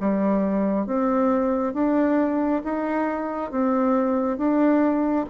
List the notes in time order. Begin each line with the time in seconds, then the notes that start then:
0.00 G3
0.86 C4
1.74 D4
2.64 D#4
3.51 C4
4.38 D4